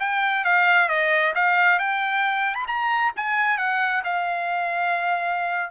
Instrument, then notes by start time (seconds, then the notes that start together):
trumpet
0.00 G5
0.45 F5
0.89 D#5
1.35 F5
1.79 G5
2.55 B5
2.68 A#5
3.16 G#5
3.58 F#5
4.05 F5